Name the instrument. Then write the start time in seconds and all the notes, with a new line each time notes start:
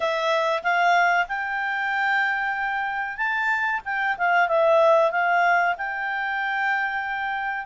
clarinet
0.00 E5
0.63 F5
1.28 G5
3.17 A5
3.84 G5
4.17 F5
4.47 E5
5.11 F5
5.77 G5